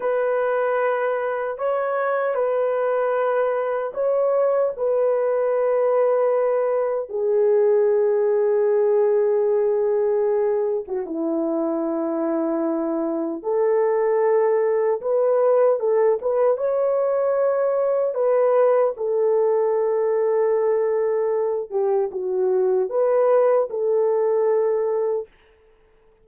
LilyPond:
\new Staff \with { instrumentName = "horn" } { \time 4/4 \tempo 4 = 76 b'2 cis''4 b'4~ | b'4 cis''4 b'2~ | b'4 gis'2.~ | gis'4.~ gis'16 fis'16 e'2~ |
e'4 a'2 b'4 | a'8 b'8 cis''2 b'4 | a'2.~ a'8 g'8 | fis'4 b'4 a'2 | }